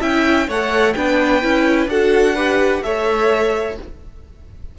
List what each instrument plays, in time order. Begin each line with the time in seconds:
0.00 cello C#4, viola E4, violin E5 G5
0.48 cello A3, viola A4, violin C#5 F#5
0.93 cello B3, viola D4, violin B4 G5
1.42 cello C#4, viola E4
1.87 cello D4, viola F#4, violin A4 F#5
2.35 viola G4, violin B4
2.83 cello A3, viola A4, violin C#5 E5